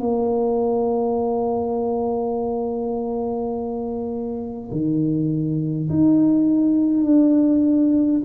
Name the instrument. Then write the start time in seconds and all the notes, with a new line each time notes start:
tuba
0.00 A#3
4.72 D#3
5.89 D#4
7.04 D4